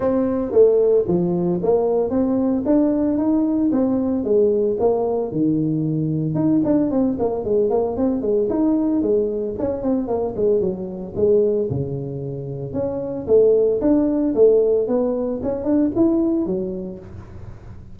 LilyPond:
\new Staff \with { instrumentName = "tuba" } { \time 4/4 \tempo 4 = 113 c'4 a4 f4 ais4 | c'4 d'4 dis'4 c'4 | gis4 ais4 dis2 | dis'8 d'8 c'8 ais8 gis8 ais8 c'8 gis8 |
dis'4 gis4 cis'8 c'8 ais8 gis8 | fis4 gis4 cis2 | cis'4 a4 d'4 a4 | b4 cis'8 d'8 e'4 fis4 | }